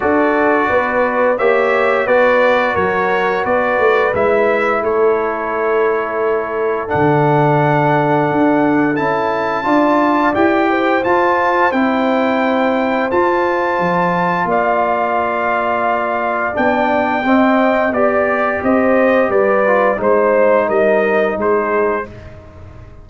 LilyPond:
<<
  \new Staff \with { instrumentName = "trumpet" } { \time 4/4 \tempo 4 = 87 d''2 e''4 d''4 | cis''4 d''4 e''4 cis''4~ | cis''2 fis''2~ | fis''4 a''2 g''4 |
a''4 g''2 a''4~ | a''4 f''2. | g''2 d''4 dis''4 | d''4 c''4 dis''4 c''4 | }
  \new Staff \with { instrumentName = "horn" } { \time 4/4 a'4 b'4 cis''4 b'4 | ais'4 b'2 a'4~ | a'1~ | a'2 d''4. c''8~ |
c''1~ | c''4 d''2.~ | d''4 dis''4 d''4 c''4 | b'4 c''4 ais'4 gis'4 | }
  \new Staff \with { instrumentName = "trombone" } { \time 4/4 fis'2 g'4 fis'4~ | fis'2 e'2~ | e'2 d'2~ | d'4 e'4 f'4 g'4 |
f'4 e'2 f'4~ | f'1 | d'4 c'4 g'2~ | g'8 f'8 dis'2. | }
  \new Staff \with { instrumentName = "tuba" } { \time 4/4 d'4 b4 ais4 b4 | fis4 b8 a8 gis4 a4~ | a2 d2 | d'4 cis'4 d'4 e'4 |
f'4 c'2 f'4 | f4 ais2. | b4 c'4 b4 c'4 | g4 gis4 g4 gis4 | }
>>